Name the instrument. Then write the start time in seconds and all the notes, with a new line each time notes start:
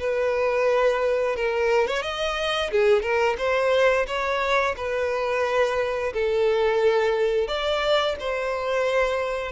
violin
0.00 B4
1.36 A#4
1.87 C#5
2.02 D#5
2.71 G#4
3.02 A#4
3.38 C5
4.07 C#5
4.77 B4
6.13 A4
7.48 D5
8.20 C5